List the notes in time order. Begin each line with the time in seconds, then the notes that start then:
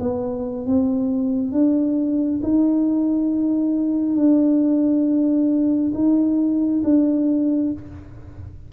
0.00 B3
0.66 C4
1.52 D4
2.43 D#4
4.16 D4
5.94 D#4
6.84 D4